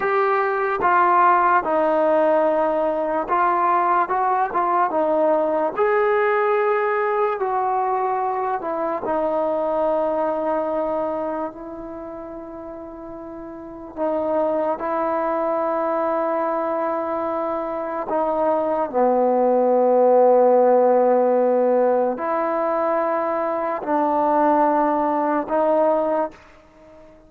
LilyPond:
\new Staff \with { instrumentName = "trombone" } { \time 4/4 \tempo 4 = 73 g'4 f'4 dis'2 | f'4 fis'8 f'8 dis'4 gis'4~ | gis'4 fis'4. e'8 dis'4~ | dis'2 e'2~ |
e'4 dis'4 e'2~ | e'2 dis'4 b4~ | b2. e'4~ | e'4 d'2 dis'4 | }